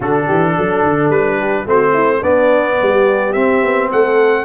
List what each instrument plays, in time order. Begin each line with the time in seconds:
0.00 tuba D3, trombone D4, horn F#4, trumpet A4
0.26 tuba E3, horn G4
0.55 tuba F#3, horn A4
0.83 tuba D3
1.09 tuba G3, trumpet B4
1.38 horn G4
1.66 tuba A3, trombone C4, horn F#4, trumpet C5
1.93 horn E4
2.22 tuba B3, trombone B3, horn D4, trumpet D5
2.79 tuba G3, horn G4
3.33 tuba C4, trombone C4, trumpet E5
3.63 tuba B3
3.91 tuba A3, horn A4, trumpet F#5